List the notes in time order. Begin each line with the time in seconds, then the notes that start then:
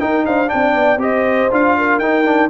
0.00 D#4 A#4 G5
0.25 D4 C5 F5
0.47 D4 G5
0.53 C4 D5
0.74 B3
0.97 C4 G4 C5 D#5
1.51 D4 F4 F5
1.78 A#4
1.99 D#4 G5
2.25 D4